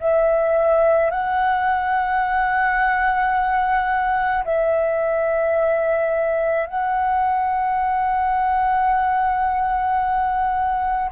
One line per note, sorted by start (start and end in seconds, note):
0.00 1.11 E5
1.11 4.44 F#5
4.45 6.67 E5
6.67 11.11 F#5